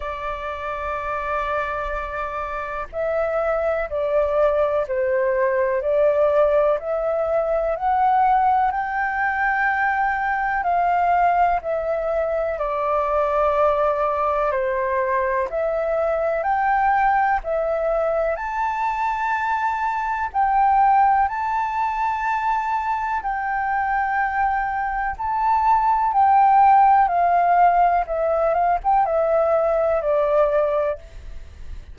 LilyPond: \new Staff \with { instrumentName = "flute" } { \time 4/4 \tempo 4 = 62 d''2. e''4 | d''4 c''4 d''4 e''4 | fis''4 g''2 f''4 | e''4 d''2 c''4 |
e''4 g''4 e''4 a''4~ | a''4 g''4 a''2 | g''2 a''4 g''4 | f''4 e''8 f''16 g''16 e''4 d''4 | }